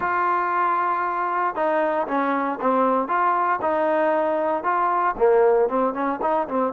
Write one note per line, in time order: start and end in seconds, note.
0.00 1.55 F4
1.55 2.07 D#4
2.07 2.59 C#4
2.61 3.08 C4
3.08 3.59 F4
3.61 4.63 D#4
4.63 5.15 F4
5.17 5.68 A#3
5.68 5.93 C4
5.93 6.19 C#4
6.21 6.47 D#4
6.47 6.73 C4